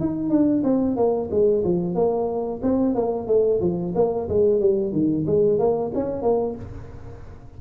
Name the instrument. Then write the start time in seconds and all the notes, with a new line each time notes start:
tuba
0.00 D#4
0.30 D4
0.63 C4
0.96 A#3
1.31 G#3
1.64 F3
1.95 A#3
2.62 C4
2.95 A#3
3.27 A3
3.61 F3
3.95 A#3
4.29 G#3
4.60 G3
4.92 D#3
5.26 G#3
5.59 A#3
5.94 C#4
6.22 A#3